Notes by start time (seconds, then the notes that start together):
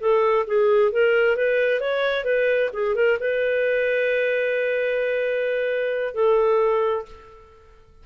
0.00 A4
0.46 G#4
0.91 A#4
1.36 B4
1.80 C#5
2.24 B4
2.73 G#4
2.95 A#4
3.19 B4
6.14 A4